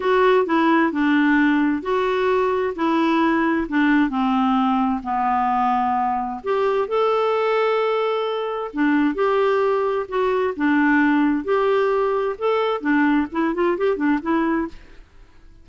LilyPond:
\new Staff \with { instrumentName = "clarinet" } { \time 4/4 \tempo 4 = 131 fis'4 e'4 d'2 | fis'2 e'2 | d'4 c'2 b4~ | b2 g'4 a'4~ |
a'2. d'4 | g'2 fis'4 d'4~ | d'4 g'2 a'4 | d'4 e'8 f'8 g'8 d'8 e'4 | }